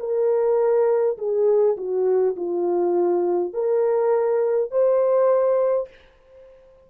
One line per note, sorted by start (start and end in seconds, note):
0.00 1.18 A#4
1.18 1.76 G#4
1.77 2.36 F#4
2.36 3.53 F4
3.53 4.71 A#4
4.71 5.89 C5